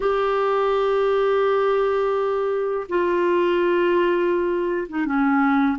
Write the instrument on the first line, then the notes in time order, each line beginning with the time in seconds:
clarinet
0.00 G4
2.88 F4
4.89 D#4
5.05 C#4